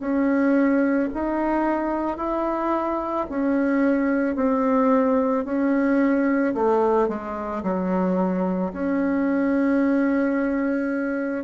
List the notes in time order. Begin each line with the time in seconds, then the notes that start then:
0.00 C#4
1.14 D#4
2.17 E4
3.29 C#4
4.35 C4
5.45 C#4
6.54 A3
7.08 G#3
7.63 F#3
8.73 C#4